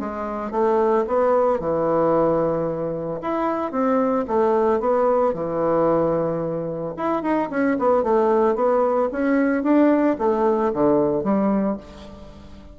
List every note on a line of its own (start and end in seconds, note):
0.00 0.52 G#3
0.52 1.05 A3
1.08 1.60 B3
1.60 3.20 E3
3.22 3.72 E4
3.72 4.26 C4
4.28 4.80 A3
4.80 5.34 B3
5.34 6.95 E3
6.97 7.22 E4
7.22 7.49 D#4
7.51 7.78 C#4
7.79 8.04 B3
8.04 8.56 A3
8.56 9.09 B3
9.12 9.64 C#4
9.64 10.17 D4
10.19 10.72 A3
10.74 11.24 D3
11.24 11.78 G3